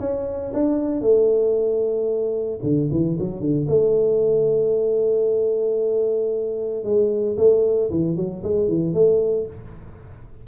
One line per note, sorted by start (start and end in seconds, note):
0.00 0.53 C#4
0.54 1.02 D4
1.02 2.60 A3
2.63 2.89 D3
2.91 3.18 E3
3.19 3.40 F#3
3.40 3.67 D3
3.68 6.84 A3
6.84 7.37 G#3
7.37 7.90 A3
7.91 8.17 E3
8.17 8.43 F#3
8.44 8.69 G#3
8.69 8.94 E3
8.94 9.47 A3